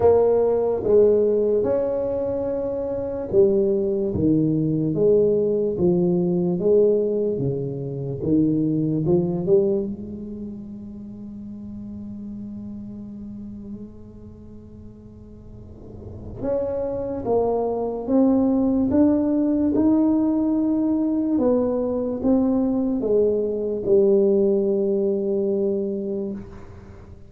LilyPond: \new Staff \with { instrumentName = "tuba" } { \time 4/4 \tempo 4 = 73 ais4 gis4 cis'2 | g4 dis4 gis4 f4 | gis4 cis4 dis4 f8 g8 | gis1~ |
gis1 | cis'4 ais4 c'4 d'4 | dis'2 b4 c'4 | gis4 g2. | }